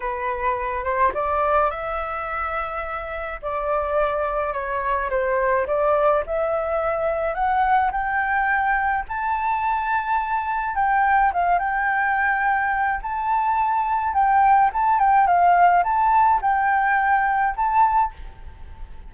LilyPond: \new Staff \with { instrumentName = "flute" } { \time 4/4 \tempo 4 = 106 b'4. c''8 d''4 e''4~ | e''2 d''2 | cis''4 c''4 d''4 e''4~ | e''4 fis''4 g''2 |
a''2. g''4 | f''8 g''2~ g''8 a''4~ | a''4 g''4 a''8 g''8 f''4 | a''4 g''2 a''4 | }